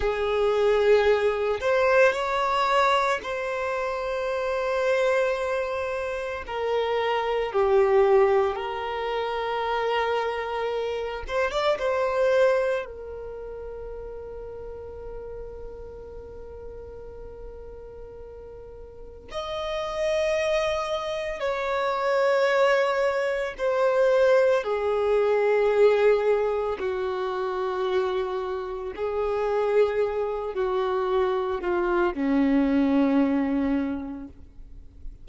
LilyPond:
\new Staff \with { instrumentName = "violin" } { \time 4/4 \tempo 4 = 56 gis'4. c''8 cis''4 c''4~ | c''2 ais'4 g'4 | ais'2~ ais'8 c''16 d''16 c''4 | ais'1~ |
ais'2 dis''2 | cis''2 c''4 gis'4~ | gis'4 fis'2 gis'4~ | gis'8 fis'4 f'8 cis'2 | }